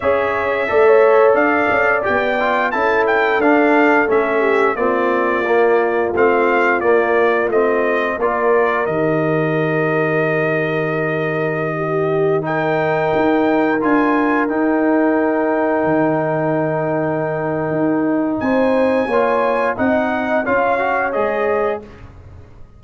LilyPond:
<<
  \new Staff \with { instrumentName = "trumpet" } { \time 4/4 \tempo 4 = 88 e''2 f''4 g''4 | a''8 g''8 f''4 e''4 d''4~ | d''4 f''4 d''4 dis''4 | d''4 dis''2.~ |
dis''2~ dis''16 g''4.~ g''16~ | g''16 gis''4 g''2~ g''8.~ | g''2. gis''4~ | gis''4 fis''4 f''4 dis''4 | }
  \new Staff \with { instrumentName = "horn" } { \time 4/4 cis''4 d''16 cis''8. d''2 | a'2~ a'8 g'8 f'4~ | f'1 | ais'1~ |
ais'4~ ais'16 g'4 ais'4.~ ais'16~ | ais'1~ | ais'2. c''4 | cis''4 dis''4 cis''2 | }
  \new Staff \with { instrumentName = "trombone" } { \time 4/4 gis'4 a'2 g'8 f'8 | e'4 d'4 cis'4 c'4 | ais4 c'4 ais4 c'4 | f'4 g'2.~ |
g'2~ g'16 dis'4.~ dis'16~ | dis'16 f'4 dis'2~ dis'8.~ | dis'1 | f'4 dis'4 f'8 fis'8 gis'4 | }
  \new Staff \with { instrumentName = "tuba" } { \time 4/4 cis'4 a4 d'8 cis'8 b4 | cis'4 d'4 a4 ais4~ | ais4 a4 ais4 a4 | ais4 dis2.~ |
dis2.~ dis16 dis'8.~ | dis'16 d'4 dis'2 dis8.~ | dis2 dis'4 c'4 | ais4 c'4 cis'4 gis4 | }
>>